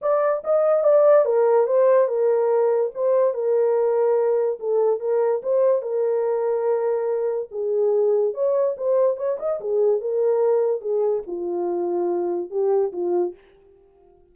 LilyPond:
\new Staff \with { instrumentName = "horn" } { \time 4/4 \tempo 4 = 144 d''4 dis''4 d''4 ais'4 | c''4 ais'2 c''4 | ais'2. a'4 | ais'4 c''4 ais'2~ |
ais'2 gis'2 | cis''4 c''4 cis''8 dis''8 gis'4 | ais'2 gis'4 f'4~ | f'2 g'4 f'4 | }